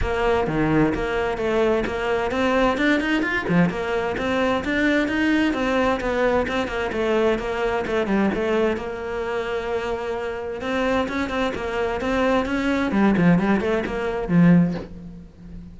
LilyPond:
\new Staff \with { instrumentName = "cello" } { \time 4/4 \tempo 4 = 130 ais4 dis4 ais4 a4 | ais4 c'4 d'8 dis'8 f'8 f8 | ais4 c'4 d'4 dis'4 | c'4 b4 c'8 ais8 a4 |
ais4 a8 g8 a4 ais4~ | ais2. c'4 | cis'8 c'8 ais4 c'4 cis'4 | g8 f8 g8 a8 ais4 f4 | }